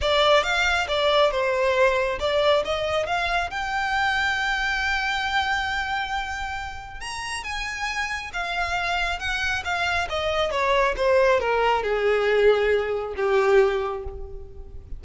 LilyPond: \new Staff \with { instrumentName = "violin" } { \time 4/4 \tempo 4 = 137 d''4 f''4 d''4 c''4~ | c''4 d''4 dis''4 f''4 | g''1~ | g''1 |
ais''4 gis''2 f''4~ | f''4 fis''4 f''4 dis''4 | cis''4 c''4 ais'4 gis'4~ | gis'2 g'2 | }